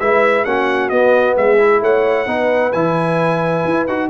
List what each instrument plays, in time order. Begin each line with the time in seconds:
0.00 tuba G#3, trombone E4, horn B4, trumpet E5
0.45 tuba A#3, trombone C#4, horn F#4, trumpet F#5
0.90 tuba B3, trombone B3, trumpet D#5
1.37 tuba G#3, horn G#4, trumpet E5
1.58 trombone E4
1.82 tuba A3, horn C#5, trumpet F#5
2.27 tuba B3, trombone D#4, horn B4
2.73 tuba E3, trombone E4, trumpet G#5
3.65 tuba E4
3.88 tuba D#4, trombone F#4, trumpet F#5